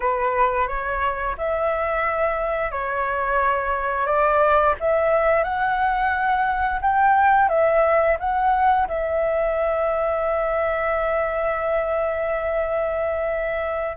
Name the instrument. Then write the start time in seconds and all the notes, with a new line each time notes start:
flute
0.00 B4
0.67 C#5
1.37 E5
2.71 C#5
4.06 D5
4.79 E5
5.43 F#5
6.81 G5
7.48 E5
8.19 F#5
8.88 E5